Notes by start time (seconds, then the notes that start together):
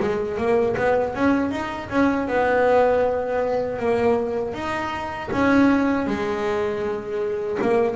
0.00 G#3
0.38 A#3
0.77 B3
1.15 C#4
1.51 D#4
1.90 C#4
2.28 B3
3.80 A#3
4.54 D#4
5.31 C#4
6.07 G#3
7.62 A#3